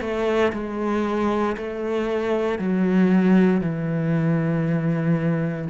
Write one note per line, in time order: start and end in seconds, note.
0.00 0.52 A3
0.52 1.56 G#3
1.57 2.58 A3
2.58 3.61 F#3
3.61 5.68 E3